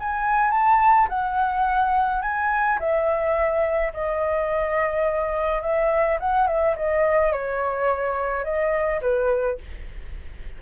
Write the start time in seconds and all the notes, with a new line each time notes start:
0.00 G#5
0.51 A5
1.09 F#5
2.22 G#5
2.80 E5
3.94 D#5
5.62 E5
6.20 F#5
6.47 E5
6.76 D#5
7.33 C#5
8.44 D#5
9.02 B4